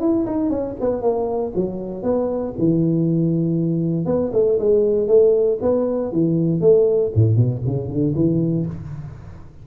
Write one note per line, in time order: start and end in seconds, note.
0.00 0.25 E4
0.26 0.50 D#4
0.50 0.75 C#4
0.80 1.01 B3
1.01 1.52 A#3
1.55 2.02 F#3
2.02 2.53 B3
2.58 4.06 E3
4.06 4.31 B3
4.33 4.58 A3
4.59 5.07 G#3
5.07 5.58 A3
5.61 6.12 B3
6.12 6.61 E3
6.61 7.12 A3
7.14 7.36 A2
7.36 7.61 B2
7.66 7.88 C#3
7.88 8.13 D3
8.15 8.66 E3